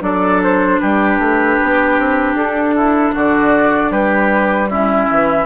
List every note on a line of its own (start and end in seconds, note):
0.00 0.79 F#3
0.00 4.68 D4
0.00 0.81 A4
0.00 0.41 D5
0.43 0.79 C5
0.79 1.18 G3
0.79 2.75 G4
0.79 2.35 B4
1.18 1.57 A3
1.62 1.98 B3
1.98 2.34 C4
2.34 3.12 D4
2.34 3.14 A4
2.75 3.14 E4
3.14 3.90 D3
3.14 3.91 F#4
3.14 3.92 D5
3.90 5.07 G3
3.90 4.69 G4
3.90 4.70 B4
4.69 5.46 C#4
4.69 5.46 E4
4.69 5.46 E5
5.11 5.46 E3